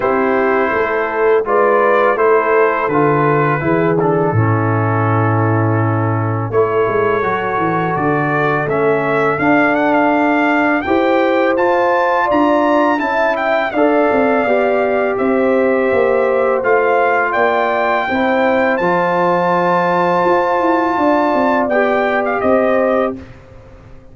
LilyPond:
<<
  \new Staff \with { instrumentName = "trumpet" } { \time 4/4 \tempo 4 = 83 c''2 d''4 c''4 | b'4. a'2~ a'8~ | a'4 cis''2 d''4 | e''4 f''8 fis''16 f''4~ f''16 g''4 |
a''4 ais''4 a''8 g''8 f''4~ | f''4 e''2 f''4 | g''2 a''2~ | a''2 g''8. f''16 dis''4 | }
  \new Staff \with { instrumentName = "horn" } { \time 4/4 g'4 a'4 b'4 a'4~ | a'4 gis'4 e'2~ | e'4 a'2.~ | a'2. c''4~ |
c''4 d''4 e''4 d''4~ | d''4 c''2. | d''4 c''2.~ | c''4 d''2 c''4 | }
  \new Staff \with { instrumentName = "trombone" } { \time 4/4 e'2 f'4 e'4 | f'4 e'8 d'8 cis'2~ | cis'4 e'4 fis'2 | cis'4 d'2 g'4 |
f'2 e'4 a'4 | g'2. f'4~ | f'4 e'4 f'2~ | f'2 g'2 | }
  \new Staff \with { instrumentName = "tuba" } { \time 4/4 c'4 a4 gis4 a4 | d4 e4 a,2~ | a,4 a8 gis8 fis8 e8 d4 | a4 d'2 e'4 |
f'4 d'4 cis'4 d'8 c'8 | b4 c'4 ais4 a4 | ais4 c'4 f2 | f'8 e'8 d'8 c'8 b4 c'4 | }
>>